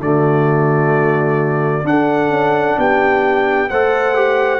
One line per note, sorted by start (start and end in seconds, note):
0.00 1.84 D3
0.00 1.84 A3
0.00 1.86 F#4
0.00 1.86 D5
1.84 3.68 D4
1.84 2.30 D4
1.84 2.78 A4
1.84 2.79 F#5
2.30 2.76 C#4
2.77 3.70 B3
2.77 3.70 G4
2.77 3.69 G5
3.69 4.59 A3
3.69 4.15 A4
3.69 4.59 C5
3.69 4.59 F#5
4.15 4.59 G4